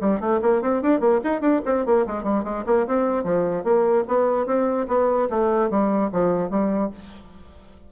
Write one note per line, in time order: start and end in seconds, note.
0.00 0.20 G3
0.20 0.40 A3
0.41 0.61 A#3
0.61 0.82 C4
0.82 1.00 D4
1.00 1.20 A#3
1.23 1.41 D#4
1.41 1.61 D4
1.65 1.85 C4
1.86 2.06 A#3
2.06 2.23 G#3
2.23 2.43 G3
2.43 2.64 G#3
2.66 2.86 A#3
2.86 3.23 C4
3.23 3.63 F3
3.63 4.04 A#3
4.07 4.46 B3
4.46 4.86 C4
4.88 5.28 B3
5.30 5.70 A3
5.70 6.10 G3
6.12 6.50 F3
6.50 6.90 G3